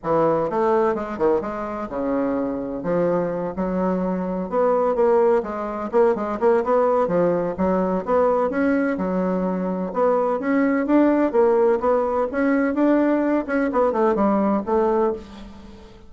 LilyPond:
\new Staff \with { instrumentName = "bassoon" } { \time 4/4 \tempo 4 = 127 e4 a4 gis8 dis8 gis4 | cis2 f4. fis8~ | fis4. b4 ais4 gis8~ | gis8 ais8 gis8 ais8 b4 f4 |
fis4 b4 cis'4 fis4~ | fis4 b4 cis'4 d'4 | ais4 b4 cis'4 d'4~ | d'8 cis'8 b8 a8 g4 a4 | }